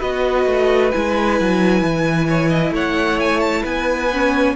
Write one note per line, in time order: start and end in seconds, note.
0.00 0.46 B3
0.00 0.91 F#4
0.00 2.27 B4
0.00 0.91 D#5
0.46 0.91 A3
0.91 1.40 G#3
0.91 4.11 E4
0.91 2.73 G#5
1.40 1.81 F#3
1.81 2.71 E3
2.29 2.50 C#5
2.50 2.72 D#5
2.71 3.62 A3
2.71 3.62 C#5
2.71 3.20 F#5
3.20 3.40 G#5
3.40 3.62 A5
3.62 4.56 B3
3.62 4.53 B4
3.62 4.56 G#5
4.12 4.56 C#4